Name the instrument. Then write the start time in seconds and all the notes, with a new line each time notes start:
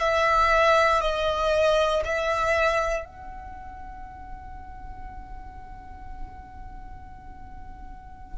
violin
0.00 E5
1.01 D#5
2.04 E5
3.05 F#5